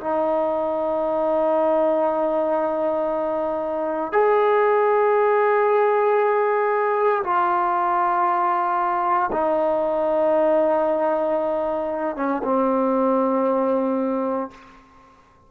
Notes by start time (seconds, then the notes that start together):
0.00 D#4
4.12 G#4
7.24 F4
9.32 D#4
12.16 C#4
12.44 C4